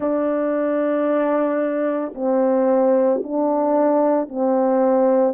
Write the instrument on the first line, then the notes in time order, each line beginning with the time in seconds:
horn
0.00 D4
2.14 C4
3.23 D4
4.29 C4